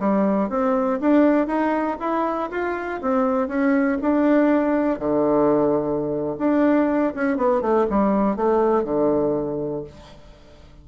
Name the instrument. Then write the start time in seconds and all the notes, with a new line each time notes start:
bassoon
0.00 G3
0.50 C4
1.01 D4
1.47 D#4
2.00 E4
2.51 F4
3.02 C4
3.48 C#4
4.02 D4
4.99 D3
6.39 D4
7.15 C#4
7.37 B3
7.62 A3
7.90 G3
8.37 A3
8.84 D3